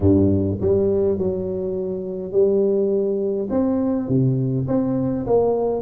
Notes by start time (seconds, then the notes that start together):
0.00 G2
0.61 G3
1.18 F#3
2.31 G3
3.50 C4
4.08 C3
4.67 C4
5.26 A#3